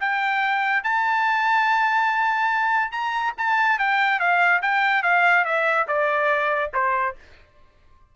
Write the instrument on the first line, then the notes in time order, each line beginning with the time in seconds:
trumpet
0.00 G5
0.84 A5
2.91 A#5
3.38 A5
3.79 G5
4.19 F5
4.62 G5
5.03 F5
5.45 E5
5.88 D5
6.74 C5